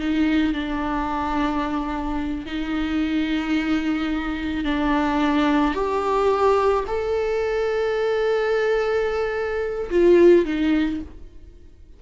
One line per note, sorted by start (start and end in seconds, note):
0.00 0.54 D#4
0.54 2.46 D4
2.46 4.65 D#4
4.65 5.75 D4
5.75 6.85 G4
6.87 9.90 A4
9.91 10.46 F4
10.46 11.01 D#4